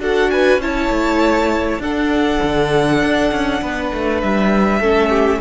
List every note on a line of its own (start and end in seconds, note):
0.00 0.58 D4
0.00 0.60 F#4
0.00 0.31 A4
0.00 0.31 F#5
0.31 0.62 B4
0.31 0.61 G#5
0.58 0.88 C#4
0.58 1.82 E4
0.58 1.82 C#5
0.58 1.82 A5
0.90 1.79 A3
1.79 2.39 D4
1.79 4.82 D4
1.79 3.62 A4
1.79 4.21 F#5
2.43 3.03 D3
3.03 3.32 D4
3.32 3.62 C#4
3.62 3.92 B3
3.62 4.81 B4
3.94 4.23 A3
4.21 4.80 G3
4.21 5.41 E5
4.80 5.40 A3
4.80 5.41 C#4
4.80 5.10 A4
5.10 5.40 G4